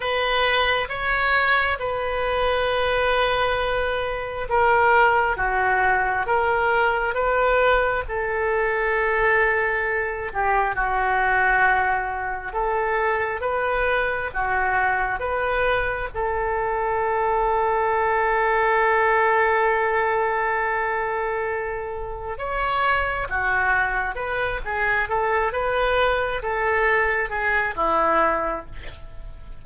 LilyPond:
\new Staff \with { instrumentName = "oboe" } { \time 4/4 \tempo 4 = 67 b'4 cis''4 b'2~ | b'4 ais'4 fis'4 ais'4 | b'4 a'2~ a'8 g'8 | fis'2 a'4 b'4 |
fis'4 b'4 a'2~ | a'1~ | a'4 cis''4 fis'4 b'8 gis'8 | a'8 b'4 a'4 gis'8 e'4 | }